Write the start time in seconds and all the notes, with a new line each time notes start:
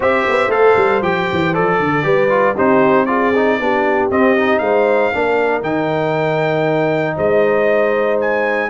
0.00 C4 G4 C5 E5
0.29 B3
0.47 A3 A4 F5
0.76 G3
1.02 F3 G4 G5
1.32 E3
1.53 F3 A4 D5
1.79 D3 A4
2.02 G3 G4 B4
2.29 F4
2.54 C4 D#4 G4 C5
3.05 F4 G#4 D5
3.35 D#4
3.59 B3 D4 G4
4.10 C4 D#5
4.36 D#4
4.58 G#3 C5 F5
5.13 A#3 D4 A#4
5.62 D#3 D#4 G5
7.15 G#3 C5 D#5
8.21 G#5